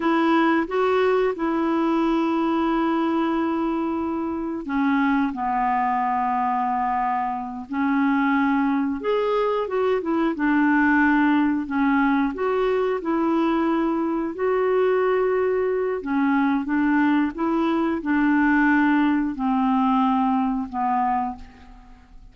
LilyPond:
\new Staff \with { instrumentName = "clarinet" } { \time 4/4 \tempo 4 = 90 e'4 fis'4 e'2~ | e'2. cis'4 | b2.~ b8 cis'8~ | cis'4. gis'4 fis'8 e'8 d'8~ |
d'4. cis'4 fis'4 e'8~ | e'4. fis'2~ fis'8 | cis'4 d'4 e'4 d'4~ | d'4 c'2 b4 | }